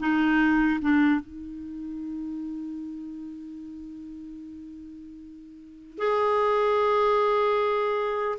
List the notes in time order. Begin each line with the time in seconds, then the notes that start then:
0.00 D#4
0.81 D4
1.21 D#4
5.98 G#4